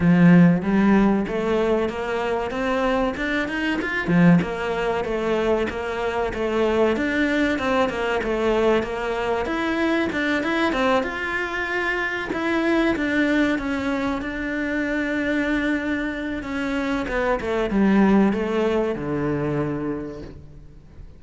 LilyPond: \new Staff \with { instrumentName = "cello" } { \time 4/4 \tempo 4 = 95 f4 g4 a4 ais4 | c'4 d'8 dis'8 f'8 f8 ais4 | a4 ais4 a4 d'4 | c'8 ais8 a4 ais4 e'4 |
d'8 e'8 c'8 f'2 e'8~ | e'8 d'4 cis'4 d'4.~ | d'2 cis'4 b8 a8 | g4 a4 d2 | }